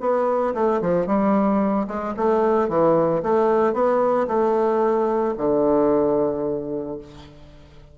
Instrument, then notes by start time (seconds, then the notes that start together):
bassoon
0.00 B3
0.54 A3
0.81 F3
1.07 G3
1.87 G#3
2.16 A3
2.69 E3
3.23 A3
3.73 B3
4.28 A3
5.37 D3